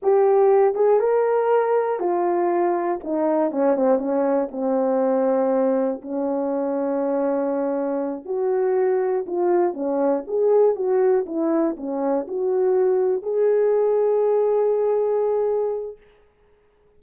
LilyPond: \new Staff \with { instrumentName = "horn" } { \time 4/4 \tempo 4 = 120 g'4. gis'8 ais'2 | f'2 dis'4 cis'8 c'8 | cis'4 c'2. | cis'1~ |
cis'8 fis'2 f'4 cis'8~ | cis'8 gis'4 fis'4 e'4 cis'8~ | cis'8 fis'2 gis'4.~ | gis'1 | }